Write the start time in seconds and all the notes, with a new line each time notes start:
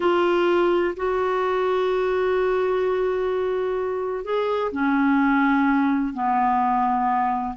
0.00 F4
0.96 F#4
4.24 G#4
4.72 C#4
6.13 B3